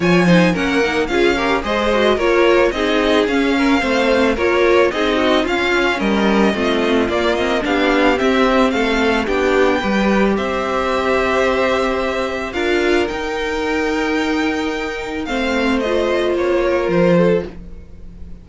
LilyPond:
<<
  \new Staff \with { instrumentName = "violin" } { \time 4/4 \tempo 4 = 110 gis''4 fis''4 f''4 dis''4 | cis''4 dis''4 f''2 | cis''4 dis''4 f''4 dis''4~ | dis''4 d''8 dis''8 f''4 e''4 |
f''4 g''2 e''4~ | e''2. f''4 | g''1 | f''4 dis''4 cis''4 c''4 | }
  \new Staff \with { instrumentName = "violin" } { \time 4/4 cis''8 c''8 ais'4 gis'8 ais'8 c''4 | ais'4 gis'4. ais'8 c''4 | ais'4 gis'8 fis'8 f'4 ais'4 | f'2 g'2 |
a'4 g'4 b'4 c''4~ | c''2. ais'4~ | ais'1 | c''2~ c''8 ais'4 a'8 | }
  \new Staff \with { instrumentName = "viola" } { \time 4/4 f'8 dis'8 cis'8 dis'8 f'8 g'8 gis'8 fis'8 | f'4 dis'4 cis'4 c'4 | f'4 dis'4 cis'2 | c'4 ais8 c'8 d'4 c'4~ |
c'4 d'4 g'2~ | g'2. f'4 | dis'1 | c'4 f'2. | }
  \new Staff \with { instrumentName = "cello" } { \time 4/4 f4 ais4 cis'4 gis4 | ais4 c'4 cis'4 a4 | ais4 c'4 cis'4 g4 | a4 ais4 b4 c'4 |
a4 b4 g4 c'4~ | c'2. d'4 | dis'1 | a2 ais4 f4 | }
>>